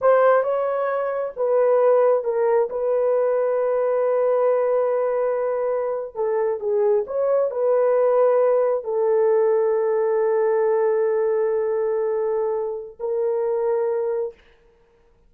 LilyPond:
\new Staff \with { instrumentName = "horn" } { \time 4/4 \tempo 4 = 134 c''4 cis''2 b'4~ | b'4 ais'4 b'2~ | b'1~ | b'4.~ b'16 a'4 gis'4 cis''16~ |
cis''8. b'2. a'16~ | a'1~ | a'1~ | a'4 ais'2. | }